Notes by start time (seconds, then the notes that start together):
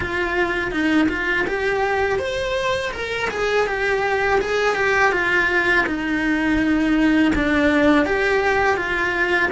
0.00 F4
0.71 D#4
1.08 F4
1.46 G4
2.19 C5
2.92 A#4
3.30 G#4
3.67 G4
4.40 G#4
4.75 G4
5.12 F4
5.86 D#4
7.35 D4
8.05 G4
8.76 F4